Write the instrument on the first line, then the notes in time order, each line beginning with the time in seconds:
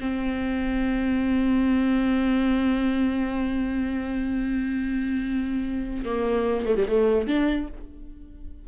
viola
0.00 C4
6.05 A#3
6.66 A3
6.76 G3
6.88 A3
7.27 D4